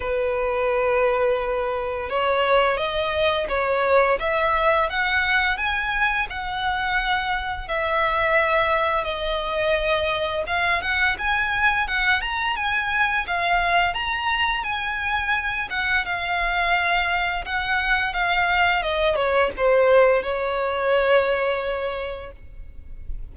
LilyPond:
\new Staff \with { instrumentName = "violin" } { \time 4/4 \tempo 4 = 86 b'2. cis''4 | dis''4 cis''4 e''4 fis''4 | gis''4 fis''2 e''4~ | e''4 dis''2 f''8 fis''8 |
gis''4 fis''8 ais''8 gis''4 f''4 | ais''4 gis''4. fis''8 f''4~ | f''4 fis''4 f''4 dis''8 cis''8 | c''4 cis''2. | }